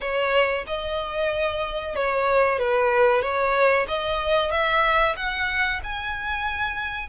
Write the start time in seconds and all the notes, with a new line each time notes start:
0.00 C#5
0.66 D#5
1.95 C#5
2.58 B4
3.22 C#5
3.88 D#5
4.51 E5
5.16 F#5
5.83 G#5